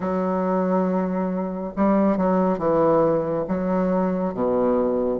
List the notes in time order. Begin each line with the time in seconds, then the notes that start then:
0.00 F#3
1.75 G3
2.17 F#3
2.58 E3
3.47 F#3
4.34 B2